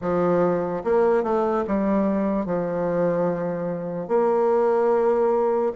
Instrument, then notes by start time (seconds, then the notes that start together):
bassoon
0.01 F3
0.84 A#3
1.23 A3
1.67 G3
2.45 F3
4.08 A#3